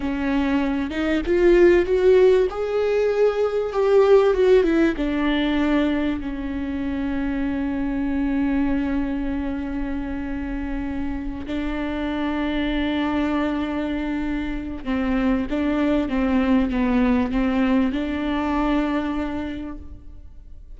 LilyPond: \new Staff \with { instrumentName = "viola" } { \time 4/4 \tempo 4 = 97 cis'4. dis'8 f'4 fis'4 | gis'2 g'4 fis'8 e'8 | d'2 cis'2~ | cis'1~ |
cis'2~ cis'8 d'4.~ | d'1 | c'4 d'4 c'4 b4 | c'4 d'2. | }